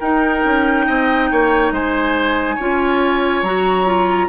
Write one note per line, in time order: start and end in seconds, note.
0.00 0.44 D#4
0.00 2.59 D#4
0.00 0.86 A#4
0.00 1.72 G5
0.45 0.88 C#4
0.88 1.31 C4
0.88 1.31 D#5
1.32 1.72 A#3
1.32 1.74 C#5
1.72 2.57 G#3
1.72 2.56 C5
1.72 3.44 G#5
2.56 3.43 C#4
2.56 3.46 F4
2.56 4.27 C#5
3.43 4.29 F#3
3.43 3.87 F#4
3.43 4.29 A#5
3.87 4.29 F4